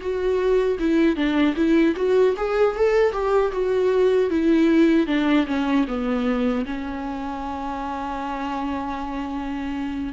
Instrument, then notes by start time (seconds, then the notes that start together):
viola
0.00 F#4
0.79 E4
1.15 D4
1.55 E4
1.96 F#4
2.37 G#4
2.76 A4
3.12 G4
3.52 F#4
4.30 E4
5.06 D4
5.47 C#4
5.87 B3
6.65 C#4